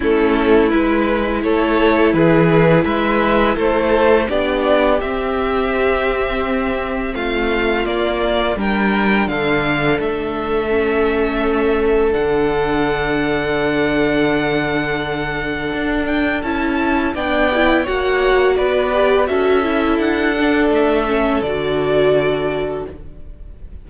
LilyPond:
<<
  \new Staff \with { instrumentName = "violin" } { \time 4/4 \tempo 4 = 84 a'4 b'4 cis''4 b'4 | e''4 c''4 d''4 e''4~ | e''2 f''4 d''4 | g''4 f''4 e''2~ |
e''4 fis''2.~ | fis''2~ fis''8 g''8 a''4 | g''4 fis''4 d''4 e''4 | fis''4 e''4 d''2 | }
  \new Staff \with { instrumentName = "violin" } { \time 4/4 e'2 a'4 gis'4 | b'4 a'4 g'2~ | g'2 f'2 | ais'4 a'2.~ |
a'1~ | a'1 | d''4 cis''4 b'4 a'4~ | a'1 | }
  \new Staff \with { instrumentName = "viola" } { \time 4/4 cis'4 e'2.~ | e'2 d'4 c'4~ | c'2. ais4 | d'2. cis'4~ |
cis'4 d'2.~ | d'2. e'4 | d'8 e'8 fis'4. g'8 fis'8 e'8~ | e'8 d'4 cis'8 fis'2 | }
  \new Staff \with { instrumentName = "cello" } { \time 4/4 a4 gis4 a4 e4 | gis4 a4 b4 c'4~ | c'2 a4 ais4 | g4 d4 a2~ |
a4 d2.~ | d2 d'4 cis'4 | b4 ais4 b4 cis'4 | d'4 a4 d2 | }
>>